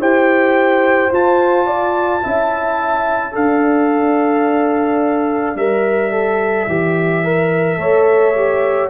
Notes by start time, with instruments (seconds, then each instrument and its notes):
0.00 tuba E4, trombone G4, horn C5, trumpet G5
1.12 trombone F4, tuba F4, trumpet A5
1.67 horn D5
2.22 tuba C#4, trombone E4, horn E5
3.32 tuba D4, trombone A4, horn D5, trumpet F5
5.56 tuba G3, trombone A#4, trumpet E5
6.12 trombone A4
6.67 tuba E3, trombone G4
7.25 trombone A#4
7.78 tuba A3, trombone A4, horn C#5
8.36 trombone G4